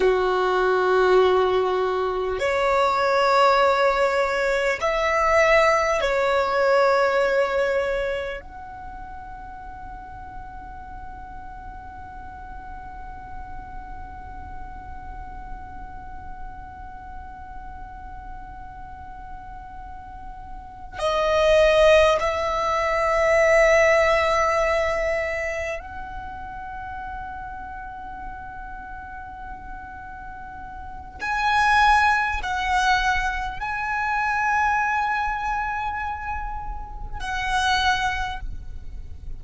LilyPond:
\new Staff \with { instrumentName = "violin" } { \time 4/4 \tempo 4 = 50 fis'2 cis''2 | e''4 cis''2 fis''4~ | fis''1~ | fis''1~ |
fis''4. dis''4 e''4.~ | e''4. fis''2~ fis''8~ | fis''2 gis''4 fis''4 | gis''2. fis''4 | }